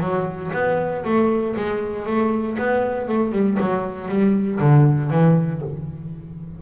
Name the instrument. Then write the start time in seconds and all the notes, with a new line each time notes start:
double bass
0.00 F#3
0.53 B3
1.04 A3
1.56 G#3
2.06 A3
2.59 B3
3.08 A3
3.32 G3
3.60 F#3
4.09 G3
4.60 D3
5.11 E3